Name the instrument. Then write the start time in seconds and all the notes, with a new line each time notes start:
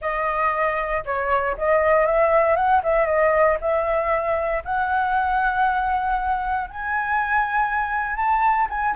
flute
0.01 D#5
1.05 C#5
1.57 D#5
2.06 E5
2.56 F#5
2.83 E5
3.06 D#5
3.60 E5
4.65 F#5
6.69 G#5
8.16 A5
8.69 G#5